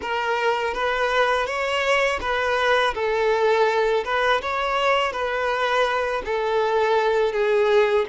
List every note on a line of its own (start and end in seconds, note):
0.01 0.74 A#4
0.74 1.46 B4
1.46 2.19 C#5
2.20 2.93 B4
2.94 4.04 A4
4.04 4.41 B4
4.41 5.12 C#5
5.12 6.22 B4
6.25 7.32 A4
7.32 8.05 G#4